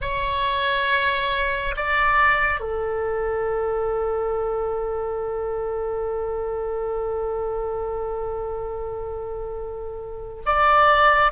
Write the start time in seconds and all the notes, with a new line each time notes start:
0.01 C#5
1.76 D5
2.60 A4
10.45 D5